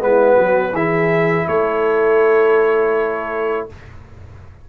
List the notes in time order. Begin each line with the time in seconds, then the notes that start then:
0.00 G#3 B3 B4
0.06 E4
0.36 F#3 F#4
0.73 E3 E4 G#4 E5
1.48 A3 A4 C#5